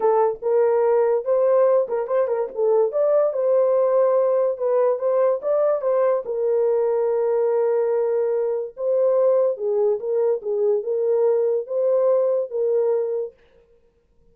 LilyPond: \new Staff \with { instrumentName = "horn" } { \time 4/4 \tempo 4 = 144 a'4 ais'2 c''4~ | c''8 ais'8 c''8 ais'8 a'4 d''4 | c''2. b'4 | c''4 d''4 c''4 ais'4~ |
ais'1~ | ais'4 c''2 gis'4 | ais'4 gis'4 ais'2 | c''2 ais'2 | }